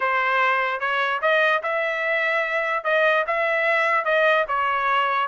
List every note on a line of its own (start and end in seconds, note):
0.00 0.80 C5
0.80 1.20 C#5
1.21 1.62 D#5
1.62 2.84 E5
2.84 3.24 D#5
3.26 4.04 E5
4.04 4.45 D#5
4.47 5.27 C#5